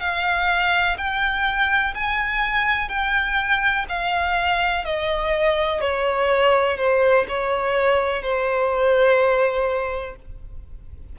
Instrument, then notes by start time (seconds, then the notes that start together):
violin
0.00 F5
0.98 G5
1.95 G#5
2.89 G5
3.89 F5
4.85 D#5
5.81 C#5
6.77 C5
7.29 C#5
8.23 C5